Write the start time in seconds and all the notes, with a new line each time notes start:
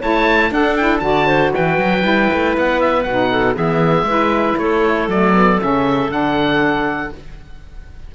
0.00 A3 E4 C#5 A5
0.51 D4 A4 F#5
0.76 E4 G5
0.99 D3 F#4 D5 A5
1.27 C5
1.54 E3 B4 G5
1.78 F#3
2.01 G3 E4
2.33 A3
2.57 B3 F#5
2.81 E5
3.03 B2 F#5
3.10 D#4
3.31 A4
3.55 E3 B3 G#4 E5
4.03 G#3 E4 B4
4.58 A3 A4 C#5
5.08 F#3 A3 D5
5.34 B3
5.60 C#3 C#4 E5
6.10 D3 D4 F#5